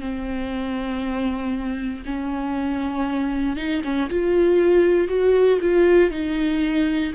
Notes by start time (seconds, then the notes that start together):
0.00 C4
2.05 C#4
3.56 D#4
3.83 C#4
4.09 F4
5.08 F#4
5.61 F4
6.10 D#4